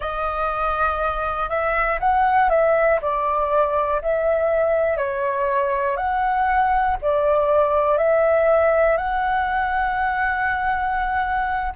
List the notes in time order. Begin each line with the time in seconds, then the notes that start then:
0.00 D#5
1.49 E5
2.00 F#5
2.49 E5
3.01 D5
4.01 E5
4.97 C#5
5.96 F#5
7.01 D5
7.97 E5
8.97 F#5